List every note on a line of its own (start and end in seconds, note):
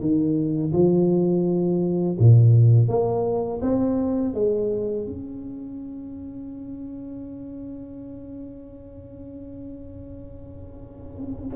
0.00 0.72 D#3
0.72 2.17 F3
2.19 2.88 A#2
2.88 3.60 A#3
3.61 4.34 C4
4.34 5.06 G#3
5.06 11.56 C#4